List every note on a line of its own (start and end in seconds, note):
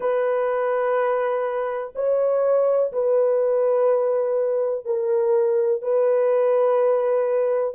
0.00 1.93 B4
1.95 2.92 C#5
2.92 4.85 B4
4.85 5.82 A#4
5.82 7.74 B4